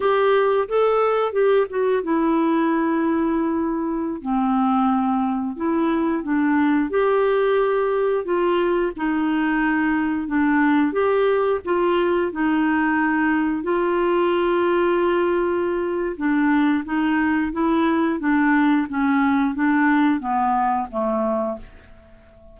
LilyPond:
\new Staff \with { instrumentName = "clarinet" } { \time 4/4 \tempo 4 = 89 g'4 a'4 g'8 fis'8 e'4~ | e'2~ e'16 c'4.~ c'16~ | c'16 e'4 d'4 g'4.~ g'16~ | g'16 f'4 dis'2 d'8.~ |
d'16 g'4 f'4 dis'4.~ dis'16~ | dis'16 f'2.~ f'8. | d'4 dis'4 e'4 d'4 | cis'4 d'4 b4 a4 | }